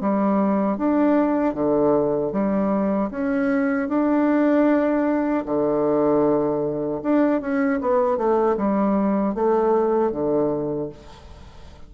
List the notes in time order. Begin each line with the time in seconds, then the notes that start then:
0.00 G3
0.77 D4
1.54 D3
2.32 G3
3.10 C#4
3.88 D4
5.45 D3
7.02 D4
7.41 C#4
7.81 B3
8.17 A3
8.57 G3
9.34 A3
10.11 D3